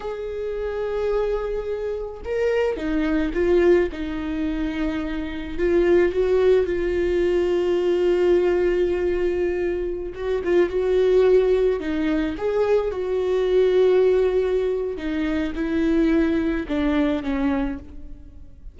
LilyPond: \new Staff \with { instrumentName = "viola" } { \time 4/4 \tempo 4 = 108 gis'1 | ais'4 dis'4 f'4 dis'4~ | dis'2 f'4 fis'4 | f'1~ |
f'2~ f'16 fis'8 f'8 fis'8.~ | fis'4~ fis'16 dis'4 gis'4 fis'8.~ | fis'2. dis'4 | e'2 d'4 cis'4 | }